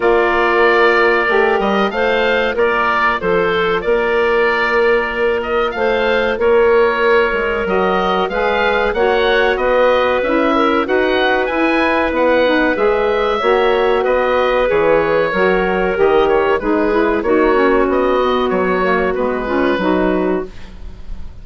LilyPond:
<<
  \new Staff \with { instrumentName = "oboe" } { \time 4/4 \tempo 4 = 94 d''2~ d''8 dis''8 f''4 | d''4 c''4 d''2~ | d''8 dis''8 f''4 cis''2 | dis''4 f''4 fis''4 dis''4 |
e''4 fis''4 gis''4 fis''4 | e''2 dis''4 cis''4~ | cis''4 dis''8 cis''8 b'4 cis''4 | dis''4 cis''4 b'2 | }
  \new Staff \with { instrumentName = "clarinet" } { \time 4/4 ais'2. c''4 | ais'4 a'4 ais'2~ | ais'4 c''4 ais'2~ | ais'4 b'4 cis''4 b'4~ |
b'8 ais'8 b'2.~ | b'4 cis''4 b'2 | ais'2 gis'4 fis'4~ | fis'2~ fis'8 f'8 fis'4 | }
  \new Staff \with { instrumentName = "saxophone" } { \time 4/4 f'2 g'4 f'4~ | f'1~ | f'1 | fis'4 gis'4 fis'2 |
e'4 fis'4 e'4. dis'8 | gis'4 fis'2 gis'4 | fis'4 g'4 dis'8 e'8 dis'8 cis'8~ | cis'8 b4 ais8 b8 cis'8 dis'4 | }
  \new Staff \with { instrumentName = "bassoon" } { \time 4/4 ais2 a8 g8 a4 | ais4 f4 ais2~ | ais4 a4 ais4. gis8 | fis4 gis4 ais4 b4 |
cis'4 dis'4 e'4 b4 | gis4 ais4 b4 e4 | fis4 dis4 gis4 ais4 | b4 fis4 gis4 fis4 | }
>>